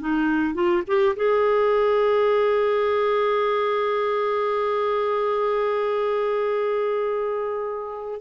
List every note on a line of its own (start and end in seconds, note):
0.00 0.54 D#4
0.54 0.83 F4
0.87 1.15 G4
1.16 8.20 G#4